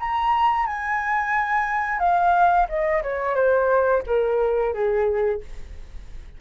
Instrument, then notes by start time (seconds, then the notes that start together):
flute
0.00 A#5
0.67 G#5
2.00 F5
2.69 D#5
3.03 C#5
3.36 C5
4.07 A#4
4.74 G#4